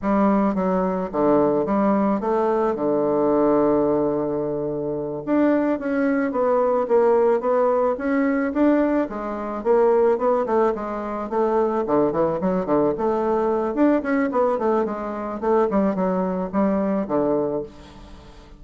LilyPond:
\new Staff \with { instrumentName = "bassoon" } { \time 4/4 \tempo 4 = 109 g4 fis4 d4 g4 | a4 d2.~ | d4. d'4 cis'4 b8~ | b8 ais4 b4 cis'4 d'8~ |
d'8 gis4 ais4 b8 a8 gis8~ | gis8 a4 d8 e8 fis8 d8 a8~ | a4 d'8 cis'8 b8 a8 gis4 | a8 g8 fis4 g4 d4 | }